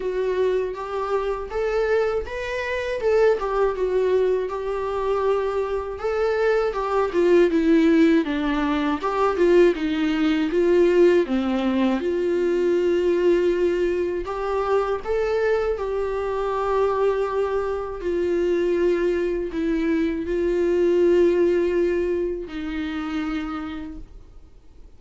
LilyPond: \new Staff \with { instrumentName = "viola" } { \time 4/4 \tempo 4 = 80 fis'4 g'4 a'4 b'4 | a'8 g'8 fis'4 g'2 | a'4 g'8 f'8 e'4 d'4 | g'8 f'8 dis'4 f'4 c'4 |
f'2. g'4 | a'4 g'2. | f'2 e'4 f'4~ | f'2 dis'2 | }